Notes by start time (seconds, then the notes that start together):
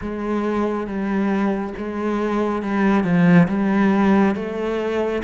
0.01 G#3
0.87 G3
1.77 G#3
2.62 G3
3.04 F3
3.48 G3
4.35 A3